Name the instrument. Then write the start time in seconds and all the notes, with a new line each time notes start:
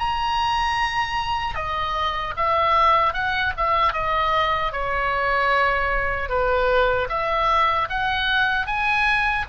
oboe
0.00 A#5
1.55 D#5
2.37 E5
3.14 F#5
3.57 E5
3.94 D#5
4.73 C#5
6.30 B4
7.10 E5
7.90 F#5
8.67 G#5